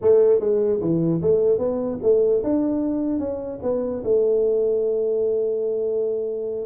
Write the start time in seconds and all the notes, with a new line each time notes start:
0.01 A3
0.40 G#3
0.81 E3
1.21 A3
1.58 B3
2.02 A3
2.43 D4
3.19 C#4
3.62 B3
4.04 A3